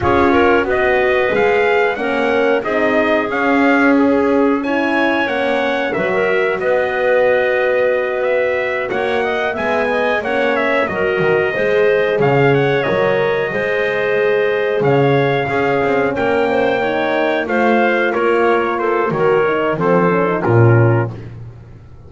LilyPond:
<<
  \new Staff \with { instrumentName = "trumpet" } { \time 4/4 \tempo 4 = 91 cis''4 dis''4 f''4 fis''4 | dis''4 f''4 gis'4 gis''4 | fis''4 e''4 dis''2~ | dis''8 e''4 fis''4 gis''4 fis''8 |
e''8 dis''2 f''8 fis''8 dis''8~ | dis''2~ dis''8 f''4.~ | f''8 g''2 f''4 cis''8~ | cis''8 c''8 cis''4 c''4 ais'4 | }
  \new Staff \with { instrumentName = "clarinet" } { \time 4/4 gis'8 ais'8 b'2 ais'4 | gis'2. cis''4~ | cis''4 b'16 ais'8. b'2~ | b'4. cis''8 dis''8 e''8 dis''8 cis''8~ |
cis''8 ais'4 c''4 cis''4.~ | cis''8 c''2 cis''4 gis'8~ | gis'8 ais'8 c''8 cis''4 c''4 ais'8~ | ais'8 a'8 ais'4 a'4 f'4 | }
  \new Staff \with { instrumentName = "horn" } { \time 4/4 f'4 fis'4 gis'4 cis'4 | dis'4 cis'2 e'4 | cis'4 fis'2.~ | fis'2~ fis'8 b4 cis'8~ |
cis'8 fis'4 gis'2 ais'8~ | ais'8 gis'2. cis'8~ | cis'4. dis'4 f'4.~ | f'4 fis'8 dis'8 c'8 cis'16 dis'16 cis'4 | }
  \new Staff \with { instrumentName = "double bass" } { \time 4/4 cis'4 b4 gis4 ais4 | c'4 cis'2. | ais4 fis4 b2~ | b4. ais4 gis4 ais8~ |
ais8 fis8 dis8 gis4 cis4 fis8~ | fis8 gis2 cis4 cis'8 | c'8 ais2 a4 ais8~ | ais4 dis4 f4 ais,4 | }
>>